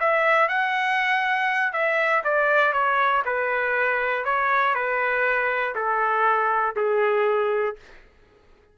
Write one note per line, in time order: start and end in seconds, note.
0.00 0.48 E5
0.48 1.72 F#5
1.72 2.23 E5
2.24 2.73 D5
2.73 3.23 C#5
3.25 4.25 B4
4.25 4.75 C#5
4.75 5.75 B4
5.75 6.75 A4
6.76 7.76 G#4